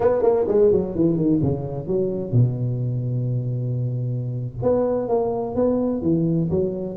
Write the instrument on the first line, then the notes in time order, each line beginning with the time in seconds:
tuba
0.00 B3
0.22 A#3
0.48 G#3
0.71 F#3
0.95 E3
1.16 D#3
1.42 C#3
1.87 F#3
2.31 B2
4.62 B3
5.08 A#3
5.55 B3
6.02 E3
6.50 F#3